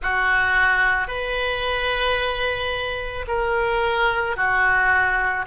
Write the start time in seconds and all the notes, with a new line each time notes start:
0.02 F#4
1.07 B4
3.27 A#4
4.36 F#4